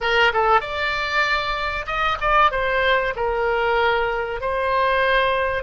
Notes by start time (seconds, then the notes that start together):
0.00 A#4
0.33 A4
0.61 D5
1.86 D#5
2.20 D5
2.51 C5
3.16 A#4
4.40 C5